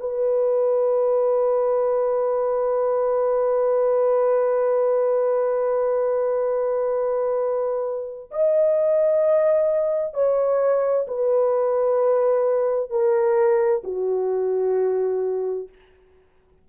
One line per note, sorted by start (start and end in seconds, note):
0.00 8.31 B4
8.32 10.14 D#5
10.14 11.06 C#5
11.08 12.91 B4
12.91 13.83 A#4
13.84 15.69 F#4